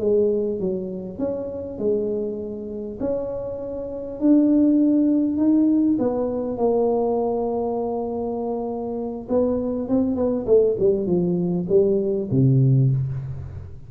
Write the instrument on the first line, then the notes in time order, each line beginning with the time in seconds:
tuba
0.00 G#3
0.60 F#3
1.19 C#4
1.79 G#3
3.01 C#4
4.21 D4
5.38 D#4
5.99 B3
6.58 A#3
9.29 B3
9.89 C4
10.16 B3
10.47 A3
10.80 G3
11.07 F3
11.69 G3
12.31 C3